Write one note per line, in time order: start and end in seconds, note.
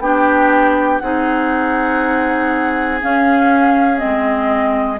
0.00 1.00 B3
0.00 1.02 D4
0.00 1.03 G4
0.00 0.99 G5
0.99 3.03 C4
0.99 3.01 D#4
0.99 5.00 G#4
0.99 2.99 F#5
3.01 3.97 C#4
3.01 4.03 C#4
3.01 3.99 F5
3.97 4.97 C4
3.97 4.99 D#5
4.05 5.00 G#3